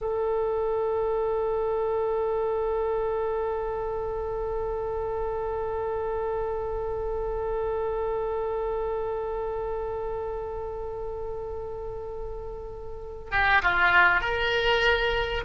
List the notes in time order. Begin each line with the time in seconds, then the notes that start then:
0.01 A4
13.31 G4
13.62 F4
14.20 A#4